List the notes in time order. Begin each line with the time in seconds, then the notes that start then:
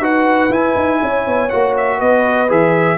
0.00 D#4 F#4 B4 F#5
0.50 E4 G#5
0.76 D#4
1.03 C#4 C#5
1.27 B3
1.50 A#3 F#4 F#5
1.78 E5
1.98 B3 B4 D#5
2.49 E3 G#4 E5